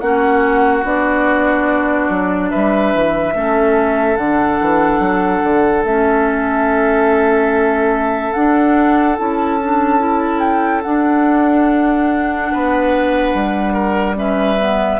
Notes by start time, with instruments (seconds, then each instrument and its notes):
0.00 bassoon A#3, clarinet C#4, oboe F#4, flute F#5
0.82 bassoon B3, clarinet D4, flute D5
2.09 bassoon F#3
2.50 bassoon G3, oboe B4, flute E5
2.94 bassoon E3
3.34 bassoon A3, clarinet C#4, oboe A4
4.16 bassoon D3, clarinet D4, flute F#5
4.60 bassoon E3
4.99 bassoon F#3
5.43 bassoon D3
5.84 bassoon A3, clarinet C#4, flute E5
8.33 clarinet D4, bassoon D4, flute F#5
9.17 bassoon C#4, clarinet E4, flute A5
9.61 clarinet D4
9.98 clarinet E4
10.39 flute G5
10.82 clarinet D4, bassoon D4, flute F#5
12.51 bassoon B3, oboe B4
13.34 bassoon G3
13.73 oboe A#4
14.15 clarinet C#4, oboe B4, flute E5
14.58 clarinet B3